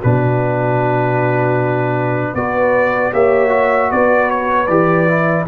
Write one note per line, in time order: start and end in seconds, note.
0.00 2.34 B2
0.00 2.36 D4
0.00 2.34 F#4
0.00 2.35 B4
2.34 3.12 B3
2.34 3.12 F#4
2.34 3.12 B4
2.34 3.13 D5
3.12 3.91 A#3
3.12 3.49 G4
3.12 3.90 C#5
3.12 3.91 E5
3.49 4.66 F#4
3.90 4.68 B3
3.90 5.46 B4
3.90 4.30 D5
4.30 4.67 C#5
4.67 5.46 E3
4.67 5.08 G4
4.67 5.44 D5
5.08 5.47 E4